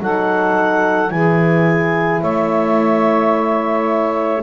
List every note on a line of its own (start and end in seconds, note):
0.00 1.11 F#3
0.00 1.07 D#4
0.00 1.12 A4
0.00 1.11 F#5
1.07 2.22 E3
1.07 4.40 E4
1.07 2.20 G#4
1.07 2.22 G#5
2.20 4.43 A3
2.20 4.43 C#5
2.20 4.43 E5